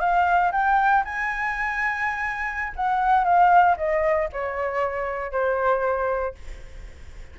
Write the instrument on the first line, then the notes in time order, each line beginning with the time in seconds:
flute
0.00 F5
0.52 G5
1.05 G#5
2.76 F#5
3.24 F5
3.77 D#5
4.33 C#5
5.32 C5